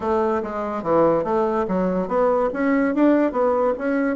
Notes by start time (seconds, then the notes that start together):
0.00 A3
0.42 G#3
0.82 E3
1.23 A3
1.68 F#3
2.08 B3
2.53 C#4
2.94 D4
3.32 B3
3.77 C#4